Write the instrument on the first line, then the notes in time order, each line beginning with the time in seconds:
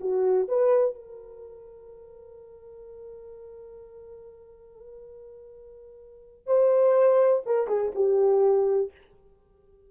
horn
0.00 F#4
0.48 B4
0.95 A#4
6.46 C5
7.46 A#4
7.67 G#4
7.95 G4